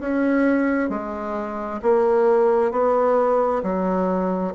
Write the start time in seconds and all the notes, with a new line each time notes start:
0.00 C#4
0.90 G#3
1.82 A#3
2.71 B3
3.63 F#3